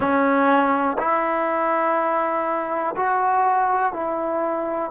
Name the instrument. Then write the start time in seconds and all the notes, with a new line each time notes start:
trombone
0.00 C#4
0.98 E4
2.96 F#4
3.93 E4